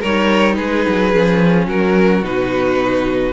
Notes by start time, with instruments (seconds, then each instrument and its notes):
0.00 cello G3, viola D#4, violin A#4 C#5
0.55 cello G#3, violin G#4 B4
0.88 cello F#3
1.13 cello F3, viola C#4
1.68 cello F#3, violin F#4 A#4
2.23 cello B2, viola D#4, violin B4